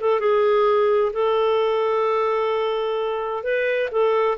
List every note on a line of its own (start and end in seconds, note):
0.00 0.20 A4
0.20 1.12 G#4
1.13 3.43 A4
3.43 3.89 B4
3.91 4.37 A4